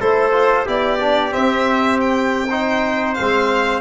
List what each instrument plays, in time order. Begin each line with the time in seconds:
0.00 tuba A3, trombone E4, trumpet A4, violin C5
0.32 trombone F4
0.65 tuba B3, trombone E4, trumpet G4, violin D5
1.00 trombone D4
1.31 trombone C4, tuba C4, violin E5
2.00 violin G5
2.50 trombone D#4, trumpet C5
3.14 tuba G#3, trombone C4, violin F5